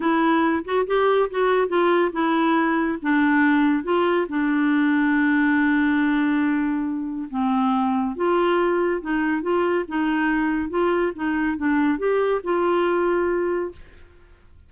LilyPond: \new Staff \with { instrumentName = "clarinet" } { \time 4/4 \tempo 4 = 140 e'4. fis'8 g'4 fis'4 | f'4 e'2 d'4~ | d'4 f'4 d'2~ | d'1~ |
d'4 c'2 f'4~ | f'4 dis'4 f'4 dis'4~ | dis'4 f'4 dis'4 d'4 | g'4 f'2. | }